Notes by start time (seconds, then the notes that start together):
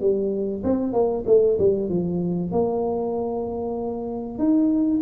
0.00 G3
0.63 C4
0.93 A#3
1.26 A3
1.59 G3
1.89 F3
2.51 A#3
4.38 D#4